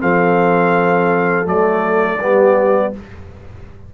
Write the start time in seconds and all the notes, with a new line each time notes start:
0.00 F3 C4 A4 F5
1.45 F#3 A3 D5
2.18 G3 B3 G4